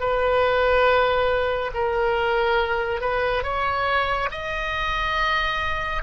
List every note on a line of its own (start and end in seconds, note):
0.00 1.71 B4
1.74 3.01 A#4
3.01 3.44 B4
3.44 4.29 C#5
4.31 6.03 D#5